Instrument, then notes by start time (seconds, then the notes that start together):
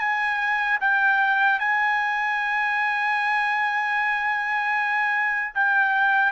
trumpet
0.00 G#5
0.81 G5
1.60 G#5
5.55 G5